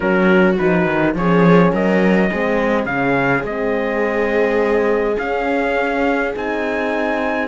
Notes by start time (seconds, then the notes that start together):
0.00 F#3 C#4 F#4 A#4
0.57 F3 D#4 B4
0.85 D#3
1.14 F3 C#4 G#4 C#5
1.72 F#3 A#4 D#5
2.30 G#3 C4 G#4
2.85 C#3 C#4 F5
3.43 G#3 C4 D#5
5.18 C#4 F5
6.34 C4 D#4 G#5